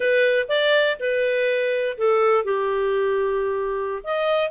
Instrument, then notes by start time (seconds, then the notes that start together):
clarinet
0.00 B4
0.48 D5
0.99 B4
1.97 A4
2.44 G4
4.03 D#5